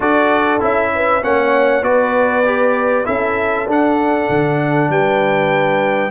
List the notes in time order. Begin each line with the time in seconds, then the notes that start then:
0.00 D4 F#4 A4 D5
0.60 C#4 E4 E5
0.94 B4
1.21 A#3 C#4 C#5 F#5
1.82 B3 F#4 B4 D5
2.45 G4
3.04 C#4 E4 A4 E5
3.67 D4 F#5
4.29 D3
4.89 G3 B4 G5